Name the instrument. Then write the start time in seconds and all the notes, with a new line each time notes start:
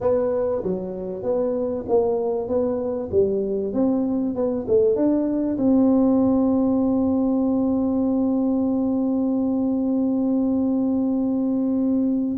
tuba
0.00 B3
0.63 F#3
1.22 B3
1.88 A#3
2.47 B3
3.11 G3
3.73 C4
4.35 B3
4.67 A3
4.95 D4
5.57 C4